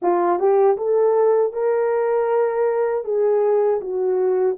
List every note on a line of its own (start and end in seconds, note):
0.02 0.39 F4
0.39 0.77 G4
0.77 1.53 A4
1.53 3.04 A#4
3.04 3.80 G#4
3.80 4.56 F#4